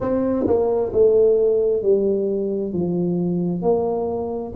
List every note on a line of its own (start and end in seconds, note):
0.00 0.46 C4
0.46 0.92 A#3
0.93 1.82 A3
1.82 2.73 G3
2.73 3.62 F3
3.62 4.52 A#3